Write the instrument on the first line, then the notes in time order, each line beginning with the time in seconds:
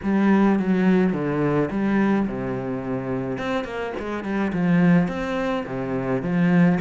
cello
0.03 G3
0.59 F#3
1.12 D3
1.70 G3
2.27 C3
3.38 C4
3.64 A#3
3.99 G#3
4.23 G3
4.53 F3
5.08 C4
5.66 C3
6.22 F3